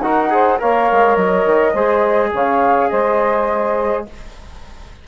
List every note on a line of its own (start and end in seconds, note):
0.00 0.58 D#4
0.00 0.30 F#4
0.00 0.31 A#4
0.00 0.58 F#5
0.30 0.58 G#4
0.30 0.59 C5
0.59 0.90 A#3
0.59 1.74 A#4
0.59 1.72 C#5
0.59 1.16 F5
0.91 1.16 G#3
1.16 1.45 F#3
1.16 2.31 D#5
1.45 1.74 D#3
1.72 2.31 G#3
1.72 4.06 G#4
1.72 2.30 C5
2.33 2.91 C#3
2.33 2.90 C#5
2.33 2.89 F5
2.89 4.07 G#3
2.89 4.05 C5
2.89 4.05 D#5